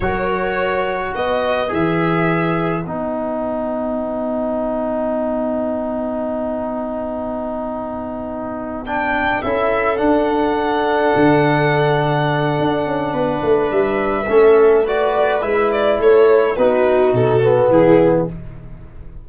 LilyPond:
<<
  \new Staff \with { instrumentName = "violin" } { \time 4/4 \tempo 4 = 105 cis''2 dis''4 e''4~ | e''4 fis''2.~ | fis''1~ | fis''2.~ fis''8 g''8~ |
g''8 e''4 fis''2~ fis''8~ | fis''1 | e''2 d''4 e''8 d''8 | cis''4 b'4 a'4 gis'4 | }
  \new Staff \with { instrumentName = "viola" } { \time 4/4 ais'2 b'2~ | b'1~ | b'1~ | b'1~ |
b'8 a'2.~ a'8~ | a'2. b'4~ | b'4 a'4 b'2 | a'4 fis'2 e'4 | }
  \new Staff \with { instrumentName = "trombone" } { \time 4/4 fis'2. gis'4~ | gis'4 dis'2.~ | dis'1~ | dis'2.~ dis'8 d'8~ |
d'8 e'4 d'2~ d'8~ | d'1~ | d'4 cis'4 fis'4 e'4~ | e'4 dis'4. b4. | }
  \new Staff \with { instrumentName = "tuba" } { \time 4/4 fis2 b4 e4~ | e4 b2.~ | b1~ | b1~ |
b8 cis'4 d'2 d8~ | d2 d'8 cis'8 b8 a8 | g4 a2 gis4 | a4 b4 b,4 e4 | }
>>